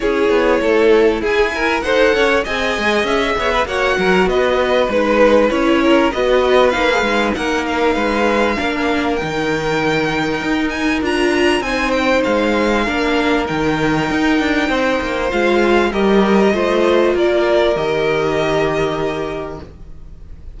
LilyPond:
<<
  \new Staff \with { instrumentName = "violin" } { \time 4/4 \tempo 4 = 98 cis''2 gis''4 fis''4 | gis''4 e''4 fis''4 dis''4 | b'4 cis''4 dis''4 f''4 | fis''8 f''2~ f''8 g''4~ |
g''4. gis''8 ais''4 gis''8 g''8 | f''2 g''2~ | g''4 f''4 dis''2 | d''4 dis''2. | }
  \new Staff \with { instrumentName = "violin" } { \time 4/4 gis'4 a'4 gis'8 ais'8 c''8 cis''8 | dis''4. cis''16 b'16 cis''8 ais'8 b'4~ | b'4. ais'8 b'2 | ais'4 b'4 ais'2~ |
ais'2. c''4~ | c''4 ais'2. | c''2 ais'4 c''4 | ais'1 | }
  \new Staff \with { instrumentName = "viola" } { \time 4/4 e'2. a'4 | gis'2 fis'2 | dis'4 e'4 fis'4 dis'16 gis'16 dis'8~ | dis'2 d'4 dis'4~ |
dis'2 f'4 dis'4~ | dis'4 d'4 dis'2~ | dis'4 f'4 g'4 f'4~ | f'4 g'2. | }
  \new Staff \with { instrumentName = "cello" } { \time 4/4 cis'8 b8 a4 e'4 dis'8 cis'8 | c'8 gis8 cis'8 b8 ais8 fis8 b4 | gis4 cis'4 b4 ais8 gis8 | ais4 gis4 ais4 dis4~ |
dis4 dis'4 d'4 c'4 | gis4 ais4 dis4 dis'8 d'8 | c'8 ais8 gis4 g4 a4 | ais4 dis2. | }
>>